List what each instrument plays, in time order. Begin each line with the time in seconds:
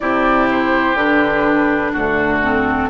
0.00 bassoon C3, clarinet E4, oboe G4, flute D5
0.50 flute C5
0.94 bassoon D3, clarinet D4, flute B4
1.92 bassoon D2, oboe F#4, flute A4
2.42 clarinet C4